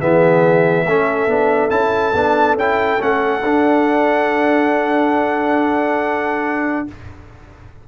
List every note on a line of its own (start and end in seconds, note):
0.00 0.86 E3
0.00 0.86 B3
0.00 0.86 G#4
0.00 1.70 E5
0.86 1.27 A3
0.86 1.29 C#4
0.86 6.86 A4
1.27 1.69 B3
1.27 1.70 D4
1.70 2.13 C#4
1.70 2.13 E4
1.70 2.56 A5
2.14 2.55 B3
2.14 2.58 D4
2.55 2.98 C#4
2.55 2.99 E4
2.55 3.02 G5
2.99 3.43 A3
2.99 3.41 C#4
2.99 6.87 F#5
3.43 6.86 D4
3.43 6.88 D4